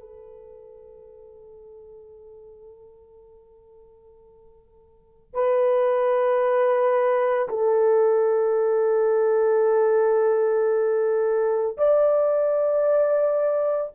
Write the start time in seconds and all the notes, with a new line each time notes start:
0.00 A4
5.34 B4
7.49 A4
11.78 D5